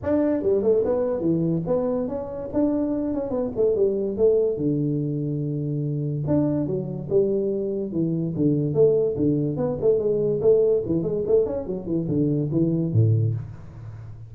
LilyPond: \new Staff \with { instrumentName = "tuba" } { \time 4/4 \tempo 4 = 144 d'4 g8 a8 b4 e4 | b4 cis'4 d'4. cis'8 | b8 a8 g4 a4 d4~ | d2. d'4 |
fis4 g2 e4 | d4 a4 d4 b8 a8 | gis4 a4 e8 gis8 a8 cis'8 | fis8 e8 d4 e4 a,4 | }